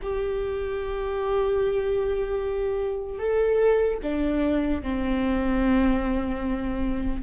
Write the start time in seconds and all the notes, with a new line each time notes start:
0.02 G4
3.19 A4
4.02 D4
4.82 C4